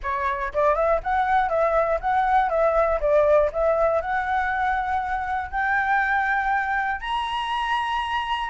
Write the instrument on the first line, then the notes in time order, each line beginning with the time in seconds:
flute
0.02 C#5
0.53 D5
0.75 E5
1.02 F#5
1.49 E5
2.00 F#5
2.49 E5
3.00 D5
3.52 E5
4.01 F#5
5.50 G5
7.00 A#5